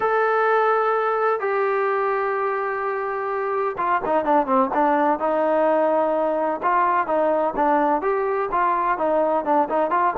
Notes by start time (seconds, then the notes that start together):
0.00 A4
1.40 G4
3.77 F4
4.05 D#4
4.25 D4
4.46 C4
4.74 D4
5.19 D#4
6.62 F4
7.06 D#4
7.55 D4
8.01 G4
8.51 F4
8.98 D#4
9.44 D4
9.69 D#4
9.90 F4